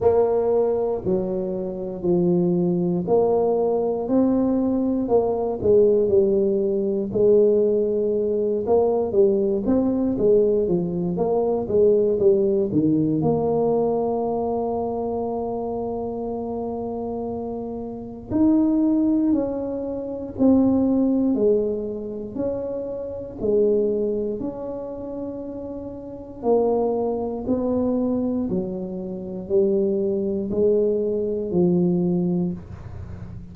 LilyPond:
\new Staff \with { instrumentName = "tuba" } { \time 4/4 \tempo 4 = 59 ais4 fis4 f4 ais4 | c'4 ais8 gis8 g4 gis4~ | gis8 ais8 g8 c'8 gis8 f8 ais8 gis8 | g8 dis8 ais2.~ |
ais2 dis'4 cis'4 | c'4 gis4 cis'4 gis4 | cis'2 ais4 b4 | fis4 g4 gis4 f4 | }